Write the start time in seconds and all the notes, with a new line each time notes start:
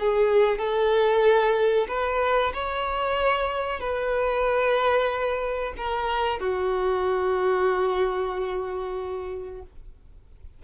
0.00 G#4
0.58 A4
1.88 B4
2.54 C#5
3.80 B4
5.77 A#4
6.40 F#4